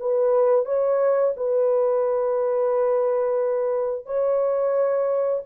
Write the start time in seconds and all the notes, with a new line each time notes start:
0.00 B4
0.65 C#5
1.37 B4
4.06 C#5